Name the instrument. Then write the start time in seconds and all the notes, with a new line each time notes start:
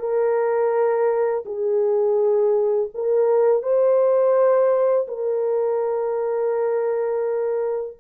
horn
0.00 A#4
1.46 G#4
2.94 A#4
3.63 C5
5.08 A#4